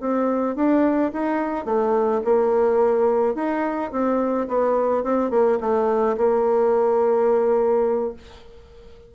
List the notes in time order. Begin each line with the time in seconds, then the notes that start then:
0.00 C4
0.56 D4
1.13 D#4
1.65 A3
2.25 A#3
3.35 D#4
3.92 C4
4.48 B3
5.03 C4
5.31 A#3
5.60 A3
6.17 A#3